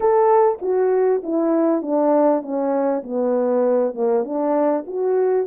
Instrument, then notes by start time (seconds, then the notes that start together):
horn
0.00 A4
0.61 F#4
1.23 E4
1.82 D4
2.42 C#4
3.03 B3
3.94 A#3
4.24 D4
4.86 F#4